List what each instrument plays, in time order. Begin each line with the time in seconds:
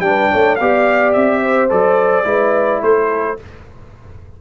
0.00 tuba G3, trombone D4, trumpet G5
0.08 horn B4
0.32 tuba A3, horn C#5
0.56 tuba B3, trombone G4, horn D5, trumpet F5
1.13 tuba C4, trumpet E5
1.42 horn C5
1.70 tuba F#3, trombone A4, trumpet D5
2.25 tuba G#3, trombone E4, horn B4
2.83 tuba A3, horn A4, trumpet C5